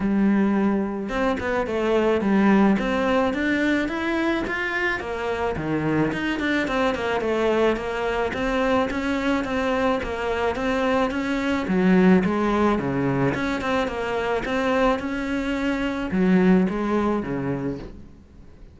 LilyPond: \new Staff \with { instrumentName = "cello" } { \time 4/4 \tempo 4 = 108 g2 c'8 b8 a4 | g4 c'4 d'4 e'4 | f'4 ais4 dis4 dis'8 d'8 | c'8 ais8 a4 ais4 c'4 |
cis'4 c'4 ais4 c'4 | cis'4 fis4 gis4 cis4 | cis'8 c'8 ais4 c'4 cis'4~ | cis'4 fis4 gis4 cis4 | }